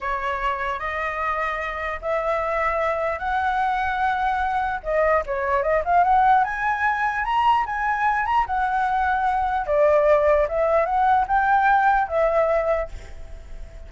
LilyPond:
\new Staff \with { instrumentName = "flute" } { \time 4/4 \tempo 4 = 149 cis''2 dis''2~ | dis''4 e''2. | fis''1 | dis''4 cis''4 dis''8 f''8 fis''4 |
gis''2 ais''4 gis''4~ | gis''8 ais''8 fis''2. | d''2 e''4 fis''4 | g''2 e''2 | }